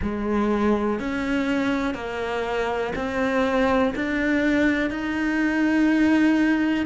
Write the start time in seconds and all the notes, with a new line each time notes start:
0.01 G#3
0.99 C#4
1.94 A#3
2.95 C4
3.95 D4
4.90 D#4